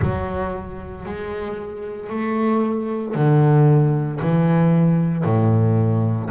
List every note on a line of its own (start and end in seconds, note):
0.02 1.05 F#3
1.05 2.09 G#3
2.09 3.14 A3
3.14 4.20 D3
4.21 5.24 E3
5.24 6.29 A2